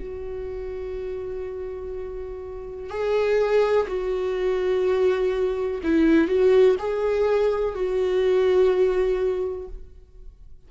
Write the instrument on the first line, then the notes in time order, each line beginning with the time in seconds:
viola
0.00 F#4
2.90 G#4
3.88 F#4
5.84 E4
6.28 F#4
6.79 G#4
7.75 F#4